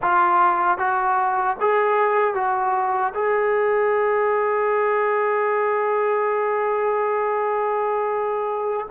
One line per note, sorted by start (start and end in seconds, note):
0.01 0.78 F4
0.78 1.56 F#4
1.60 2.34 G#4
2.34 3.13 F#4
3.14 8.86 G#4